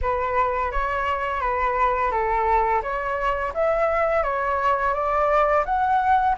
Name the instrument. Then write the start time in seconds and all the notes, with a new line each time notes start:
flute
0.01 B4
0.71 C#5
1.41 B4
2.11 A4
2.82 C#5
3.54 E5
4.23 C#5
4.93 D5
5.65 F#5